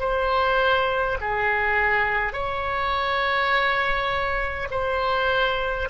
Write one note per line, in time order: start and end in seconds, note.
0.00 1.18 C5
1.21 2.33 G#4
2.33 4.68 C#5
4.71 5.89 C5